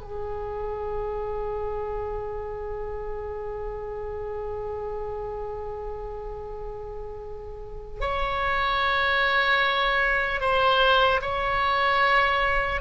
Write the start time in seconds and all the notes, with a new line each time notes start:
0.00 G#4
8.00 C#5
10.40 C5
11.21 C#5